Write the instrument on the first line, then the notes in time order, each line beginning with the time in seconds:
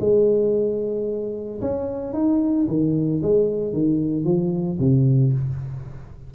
tuba
0.00 G#3
1.61 C#4
2.13 D#4
2.68 D#3
3.22 G#3
3.73 D#3
4.24 F3
4.79 C3